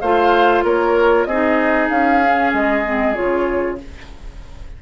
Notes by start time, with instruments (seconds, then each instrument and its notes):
0.00 bassoon A3, clarinet F4, oboe C5, flute F5
0.63 bassoon A#3, oboe A#4, flute C#5
1.25 bassoon C4, clarinet D#4, oboe G#4, flute D#5
1.89 bassoon C#4, flute F5
2.24 clarinet C#4
2.53 bassoon G#3, flute D#5
2.84 clarinet C4
3.14 bassoon C#3, clarinet F4, flute C#5